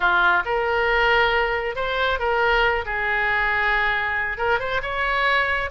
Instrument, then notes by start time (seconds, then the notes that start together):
oboe
0.00 F4
0.45 A#4
1.75 C5
2.19 A#4
2.85 G#4
4.37 A#4
4.59 C5
4.82 C#5